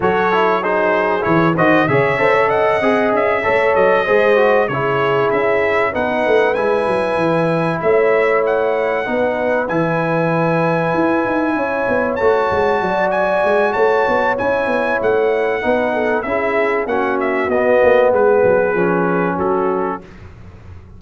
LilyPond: <<
  \new Staff \with { instrumentName = "trumpet" } { \time 4/4 \tempo 4 = 96 cis''4 c''4 cis''8 dis''8 e''4 | fis''4 e''4 dis''4. cis''8~ | cis''8 e''4 fis''4 gis''4.~ | gis''8 e''4 fis''2 gis''8~ |
gis''2.~ gis''8 a''8~ | a''4 gis''4 a''4 gis''4 | fis''2 e''4 fis''8 e''8 | dis''4 b'2 a'4 | }
  \new Staff \with { instrumentName = "horn" } { \time 4/4 a'4 gis'4. c''8 cis''8 c''16 cis''16 | dis''4. cis''4 c''4 gis'8~ | gis'4. b'2~ b'8~ | b'8 cis''2 b'4.~ |
b'2~ b'8 cis''4.~ | cis''8 d''4. cis''2~ | cis''4 b'8 a'8 gis'4 fis'4~ | fis'4 gis'2 fis'4 | }
  \new Staff \with { instrumentName = "trombone" } { \time 4/4 fis'8 e'8 dis'4 e'8 fis'8 gis'8 a'8~ | a'8 gis'4 a'4 gis'8 fis'8 e'8~ | e'4. dis'4 e'4.~ | e'2~ e'8 dis'4 e'8~ |
e'2.~ e'8 fis'8~ | fis'2. e'4~ | e'4 dis'4 e'4 cis'4 | b2 cis'2 | }
  \new Staff \with { instrumentName = "tuba" } { \time 4/4 fis2 e8 dis8 cis8 cis'8~ | cis'8 c'8 cis'8 a8 fis8 gis4 cis8~ | cis8 cis'4 b8 a8 gis8 fis8 e8~ | e8 a2 b4 e8~ |
e4. e'8 dis'8 cis'8 b8 a8 | gis8 fis4 gis8 a8 b8 cis'8 b8 | a4 b4 cis'4 ais4 | b8 ais8 gis8 fis8 f4 fis4 | }
>>